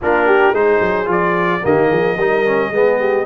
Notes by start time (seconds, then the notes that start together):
0.01 A#3 D4 F4 A#4
0.26 G4
0.52 G#3 D#4 G#4 C5
0.80 F#3
1.05 F3 F4
1.11 D5
1.62 D#3 A#3 G4 D#5
1.88 F3 G#4
2.16 G3 D#4 A#4
2.45 C#4
2.69 G#3 B3 G#4
2.99 G4